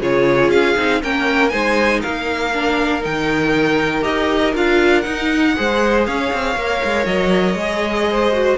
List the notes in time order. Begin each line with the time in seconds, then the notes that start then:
0.00 C#3 F4 G#4 C#5
0.48 C#4 F5
0.76 C4 D#4
1.02 A#3 C#4 A#4 G5
1.49 G#3 D#4 C5 G#5
2.00 A#3 A#4 F5
2.53 D4
3.01 D#3 D#4 G5
4.01 D#4 G4 D#5
4.55 D4 F4 F5
5.01 D#4 F#5
5.56 G#3 G#4 C5
6.06 C#4 C#5 F5
6.33 C4
6.55 A#3 A#4
6.84 G#3
7.05 F#3 D#5
7.54 G#3 G#4
8.10 C5
8.33 F#4